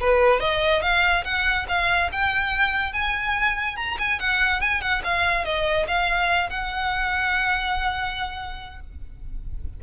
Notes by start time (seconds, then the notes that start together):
0.00 B4
0.40 D#5
0.82 F5
1.24 F#5
1.68 F5
2.12 G5
2.93 G#5
3.76 A#5
3.99 G#5
4.20 F#5
4.61 G#5
4.81 F#5
5.04 F5
5.45 D#5
5.88 F5
6.50 F#5